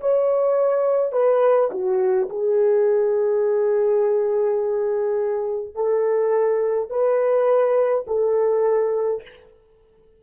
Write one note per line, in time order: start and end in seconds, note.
0.00 1.12 C#5
1.12 1.70 B4
1.71 2.29 F#4
2.29 5.75 G#4
5.75 6.90 A4
6.90 8.05 B4
8.07 9.22 A4